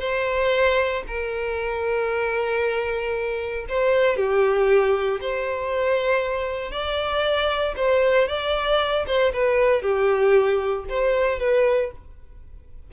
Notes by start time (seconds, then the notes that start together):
0.00 C5
1.08 A#4
3.69 C5
4.17 G4
5.21 C5
6.72 D5
7.77 C5
8.28 D5
9.07 C5
9.33 B4
9.82 G4
10.89 C5
11.40 B4